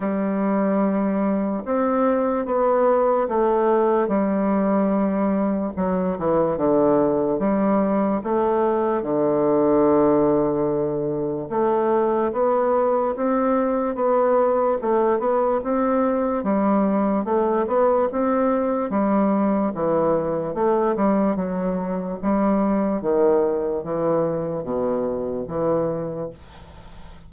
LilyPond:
\new Staff \with { instrumentName = "bassoon" } { \time 4/4 \tempo 4 = 73 g2 c'4 b4 | a4 g2 fis8 e8 | d4 g4 a4 d4~ | d2 a4 b4 |
c'4 b4 a8 b8 c'4 | g4 a8 b8 c'4 g4 | e4 a8 g8 fis4 g4 | dis4 e4 b,4 e4 | }